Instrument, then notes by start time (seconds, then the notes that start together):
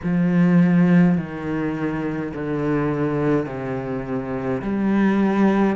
cello
0.03 F3
1.17 D#3
2.34 D3
3.46 C3
4.62 G3